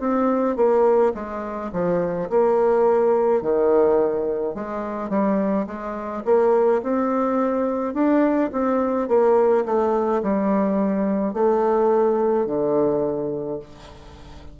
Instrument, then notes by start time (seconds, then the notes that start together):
bassoon
0.00 C4
0.56 A#3
1.14 G#3
1.73 F3
2.30 A#3
3.42 D#3
4.54 G#3
5.09 G3
5.67 G#3
6.25 A#3
6.82 C4
7.94 D4
8.52 C4
9.08 A#3
9.65 A3
10.23 G3
11.34 A3
12.46 D3